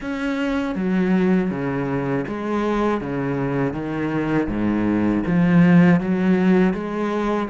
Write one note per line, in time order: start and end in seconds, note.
0.00 0.75 C#4
0.75 1.50 F#3
1.50 2.25 C#3
2.27 3.00 G#3
3.00 3.73 C#3
3.73 4.48 D#3
4.48 5.23 G#2
5.26 6.00 F3
6.00 6.73 F#3
6.73 7.48 G#3